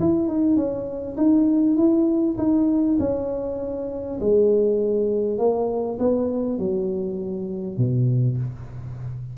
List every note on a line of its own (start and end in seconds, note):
0.00 0.28 E4
0.28 0.56 D#4
0.56 1.16 C#4
1.17 1.77 D#4
1.77 2.37 E4
2.38 2.98 D#4
2.99 4.19 C#4
4.20 5.39 G#3
5.39 5.99 A#3
5.99 6.59 B3
6.59 7.78 F#3
7.78 8.38 B2